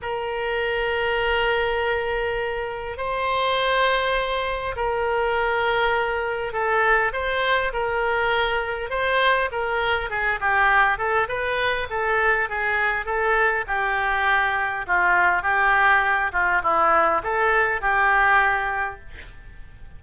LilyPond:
\new Staff \with { instrumentName = "oboe" } { \time 4/4 \tempo 4 = 101 ais'1~ | ais'4 c''2. | ais'2. a'4 | c''4 ais'2 c''4 |
ais'4 gis'8 g'4 a'8 b'4 | a'4 gis'4 a'4 g'4~ | g'4 f'4 g'4. f'8 | e'4 a'4 g'2 | }